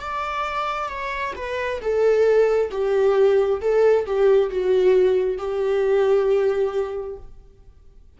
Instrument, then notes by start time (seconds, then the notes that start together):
viola
0.00 D5
0.88 C#5
1.36 B4
1.81 A4
2.71 G4
3.61 A4
4.06 G4
4.50 F#4
5.37 G4